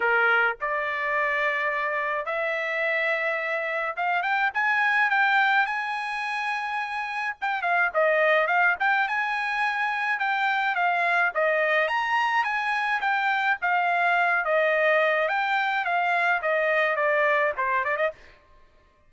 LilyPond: \new Staff \with { instrumentName = "trumpet" } { \time 4/4 \tempo 4 = 106 ais'4 d''2. | e''2. f''8 g''8 | gis''4 g''4 gis''2~ | gis''4 g''8 f''8 dis''4 f''8 g''8 |
gis''2 g''4 f''4 | dis''4 ais''4 gis''4 g''4 | f''4. dis''4. g''4 | f''4 dis''4 d''4 c''8 d''16 dis''16 | }